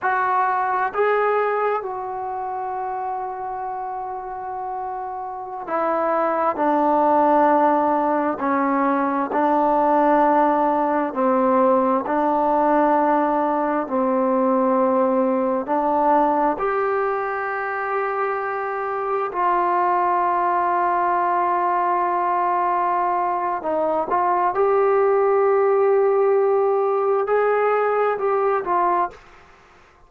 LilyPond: \new Staff \with { instrumentName = "trombone" } { \time 4/4 \tempo 4 = 66 fis'4 gis'4 fis'2~ | fis'2~ fis'16 e'4 d'8.~ | d'4~ d'16 cis'4 d'4.~ d'16~ | d'16 c'4 d'2 c'8.~ |
c'4~ c'16 d'4 g'4.~ g'16~ | g'4~ g'16 f'2~ f'8.~ | f'2 dis'8 f'8 g'4~ | g'2 gis'4 g'8 f'8 | }